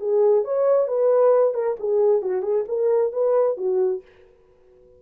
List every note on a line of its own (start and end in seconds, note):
0.00 0.45 G#4
0.45 0.88 C#5
0.88 1.54 B4
1.54 1.76 A#4
1.80 2.22 G#4
2.22 2.43 F#4
2.43 2.65 G#4
2.68 3.12 A#4
3.12 3.57 B4
3.58 4.02 F#4